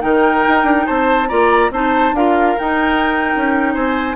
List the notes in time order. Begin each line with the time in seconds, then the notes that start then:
0.00 D#3 D#4 A#4 G5
0.48 D#4
0.64 D4
0.86 C4 C5 A5
1.29 A#3 F4 D5 A#5
1.71 C4 D#4 C5 A5
2.13 D4 F4 A#4 F5
2.59 D#4 G5
3.36 C#4
3.74 C4 C5 G#5